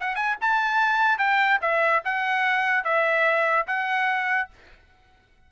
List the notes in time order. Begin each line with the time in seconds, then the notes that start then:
0.00 F#5
0.15 G#5
0.41 A5
1.18 G5
1.61 E5
2.04 F#5
2.84 E5
3.67 F#5